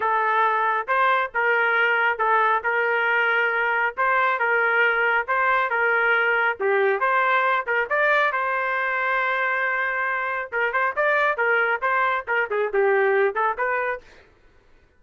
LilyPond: \new Staff \with { instrumentName = "trumpet" } { \time 4/4 \tempo 4 = 137 a'2 c''4 ais'4~ | ais'4 a'4 ais'2~ | ais'4 c''4 ais'2 | c''4 ais'2 g'4 |
c''4. ais'8 d''4 c''4~ | c''1 | ais'8 c''8 d''4 ais'4 c''4 | ais'8 gis'8 g'4. a'8 b'4 | }